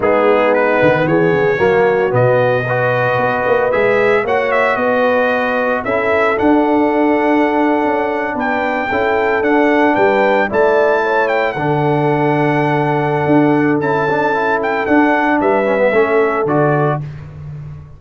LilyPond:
<<
  \new Staff \with { instrumentName = "trumpet" } { \time 4/4 \tempo 4 = 113 gis'4 b'4 cis''2 | dis''2. e''4 | fis''8 e''8 dis''2 e''4 | fis''2.~ fis''8. g''16~ |
g''4.~ g''16 fis''4 g''4 a''16~ | a''4~ a''16 g''8 fis''2~ fis''16~ | fis''2 a''4. g''8 | fis''4 e''2 d''4 | }
  \new Staff \with { instrumentName = "horn" } { \time 4/4 dis'2 gis'4 fis'4~ | fis'4 b'2. | cis''4 b'2 a'4~ | a'2.~ a'8. b'16~ |
b'8. a'2 b'4 d''16~ | d''8. cis''4 a'2~ a'16~ | a'1~ | a'4 b'4 a'2 | }
  \new Staff \with { instrumentName = "trombone" } { \time 4/4 b2. ais4 | b4 fis'2 gis'4 | fis'2. e'4 | d'1~ |
d'8. e'4 d'2 e'16~ | e'4.~ e'16 d'2~ d'16~ | d'2 e'8 d'8 e'4 | d'4. cis'16 b16 cis'4 fis'4 | }
  \new Staff \with { instrumentName = "tuba" } { \time 4/4 gis4. dis8 e8 cis8 fis4 | b,2 b8 ais8 gis4 | ais4 b2 cis'4 | d'2~ d'8. cis'4 b16~ |
b8. cis'4 d'4 g4 a16~ | a4.~ a16 d2~ d16~ | d4 d'4 cis'2 | d'4 g4 a4 d4 | }
>>